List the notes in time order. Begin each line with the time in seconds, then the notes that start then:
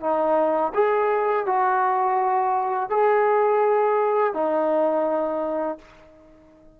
0.00 D#4
0.74 G#4
1.46 F#4
2.89 G#4
4.33 D#4